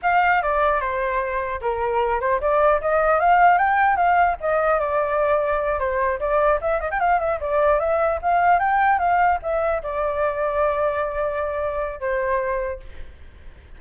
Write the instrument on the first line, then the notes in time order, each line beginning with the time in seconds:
flute
0.02 F5
0.42 D5
0.80 C5
1.61 A#4
2.20 C5
2.40 D5
2.81 D#5
3.19 F5
3.57 G5
3.96 F5
4.40 D#5
4.79 D5
5.79 C5
6.19 D5
6.61 E5
6.80 D#5
6.91 G5
7.00 F5
7.19 E5
7.40 D5
7.79 E5
8.21 F5
8.59 G5
8.99 F5
9.42 E5
9.82 D5
11.99 C5